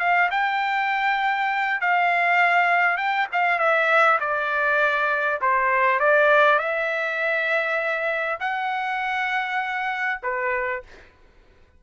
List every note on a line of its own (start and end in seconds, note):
0.00 0.30 F5
0.31 1.81 G5
1.81 2.98 F5
2.98 3.28 G5
3.33 3.59 F5
3.59 4.19 E5
4.21 5.41 D5
5.42 6.00 C5
6.00 6.59 D5
6.59 8.39 E5
8.41 10.21 F#5
10.23 10.83 B4